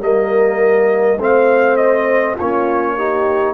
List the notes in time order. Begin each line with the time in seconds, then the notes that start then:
0.00 G3 A#3 A#4 D#5
1.19 A3 C4 C5 F5
1.77 D#5
2.35 A#3 F4 C#5
2.41 C#4
2.97 D#4 G4